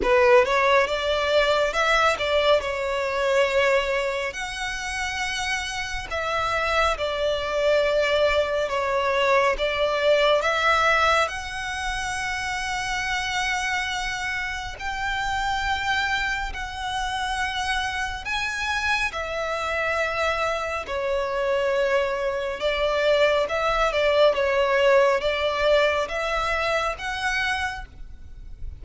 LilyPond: \new Staff \with { instrumentName = "violin" } { \time 4/4 \tempo 4 = 69 b'8 cis''8 d''4 e''8 d''8 cis''4~ | cis''4 fis''2 e''4 | d''2 cis''4 d''4 | e''4 fis''2.~ |
fis''4 g''2 fis''4~ | fis''4 gis''4 e''2 | cis''2 d''4 e''8 d''8 | cis''4 d''4 e''4 fis''4 | }